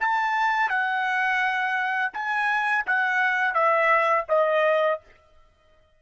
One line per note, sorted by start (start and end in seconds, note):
0.00 0.69 A5
0.69 2.12 F#5
2.13 2.85 G#5
2.86 3.54 F#5
3.54 4.25 E5
4.29 5.00 D#5